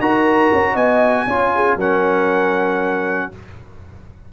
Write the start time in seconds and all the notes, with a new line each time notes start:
0.00 D#4 F#4 A#4 A#5
0.53 C#4
0.73 B3 D#5 G#5
1.27 C#4 F4 C#5
1.56 G#4
1.77 F#3 C#4 A#4 F#5